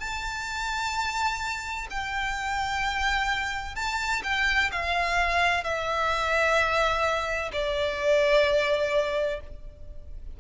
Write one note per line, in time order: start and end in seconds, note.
0.00 1.87 A5
1.90 3.75 G5
3.75 4.22 A5
4.24 4.71 G5
4.72 5.64 F5
5.64 7.52 E5
7.53 9.40 D5